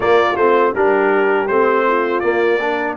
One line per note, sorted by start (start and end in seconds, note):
0.00 0.33 A#3
0.00 0.35 A#3
0.00 0.74 F4
0.00 0.36 D5
0.36 0.73 A3
0.36 0.75 C4
0.36 0.73 C5
0.74 1.48 G3
0.74 1.49 D4
0.74 1.86 G4
0.74 1.47 A#4
1.47 2.23 A3
1.47 2.22 C4
1.47 2.20 C5
1.87 2.61 F4
2.20 2.59 A#3
2.20 2.96 A#3
2.20 2.94 D5
2.60 2.96 D4
2.60 2.96 A#4